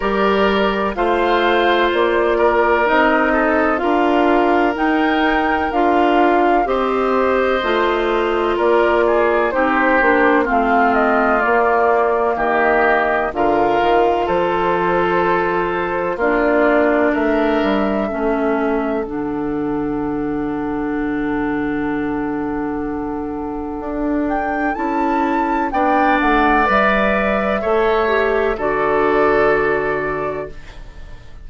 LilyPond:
<<
  \new Staff \with { instrumentName = "flute" } { \time 4/4 \tempo 4 = 63 d''4 f''4 d''4 dis''4 | f''4 g''4 f''4 dis''4~ | dis''4 d''4 c''4 f''8 dis''8 | d''4 dis''4 f''4 c''4~ |
c''4 d''4 e''2 | fis''1~ | fis''4. g''8 a''4 g''8 fis''8 | e''2 d''2 | }
  \new Staff \with { instrumentName = "oboe" } { \time 4/4 ais'4 c''4. ais'4 a'8 | ais'2. c''4~ | c''4 ais'8 gis'8 g'4 f'4~ | f'4 g'4 ais'4 a'4~ |
a'4 f'4 ais'4 a'4~ | a'1~ | a'2. d''4~ | d''4 cis''4 a'2 | }
  \new Staff \with { instrumentName = "clarinet" } { \time 4/4 g'4 f'2 dis'4 | f'4 dis'4 f'4 g'4 | f'2 dis'8 d'8 c'4 | ais2 f'2~ |
f'4 d'2 cis'4 | d'1~ | d'2 e'4 d'4 | b'4 a'8 g'8 fis'2 | }
  \new Staff \with { instrumentName = "bassoon" } { \time 4/4 g4 a4 ais4 c'4 | d'4 dis'4 d'4 c'4 | a4 ais4 c'8 ais8 a4 | ais4 dis4 d8 dis8 f4~ |
f4 ais4 a8 g8 a4 | d1~ | d4 d'4 cis'4 b8 a8 | g4 a4 d2 | }
>>